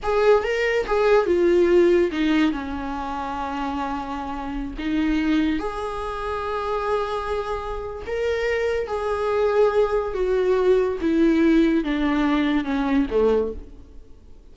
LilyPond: \new Staff \with { instrumentName = "viola" } { \time 4/4 \tempo 4 = 142 gis'4 ais'4 gis'4 f'4~ | f'4 dis'4 cis'2~ | cis'2.~ cis'16 dis'8.~ | dis'4~ dis'16 gis'2~ gis'8.~ |
gis'2. ais'4~ | ais'4 gis'2. | fis'2 e'2 | d'2 cis'4 a4 | }